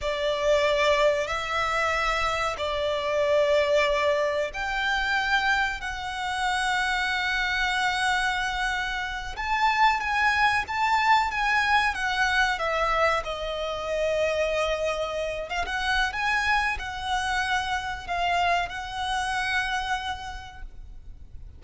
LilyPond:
\new Staff \with { instrumentName = "violin" } { \time 4/4 \tempo 4 = 93 d''2 e''2 | d''2. g''4~ | g''4 fis''2.~ | fis''2~ fis''8 a''4 gis''8~ |
gis''8 a''4 gis''4 fis''4 e''8~ | e''8 dis''2.~ dis''8 | f''16 fis''8. gis''4 fis''2 | f''4 fis''2. | }